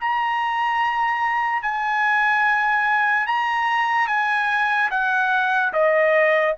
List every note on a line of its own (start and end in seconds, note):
0.00 1.62 A#5
1.62 3.26 G#5
3.26 4.07 A#5
4.07 4.89 G#5
4.90 5.72 F#5
5.73 6.55 D#5